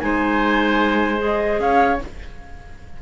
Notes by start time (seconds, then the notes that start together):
0.00 G#3 D#4 C5 G#5
1.19 G#4 D#5
1.60 C#4 C#5 F5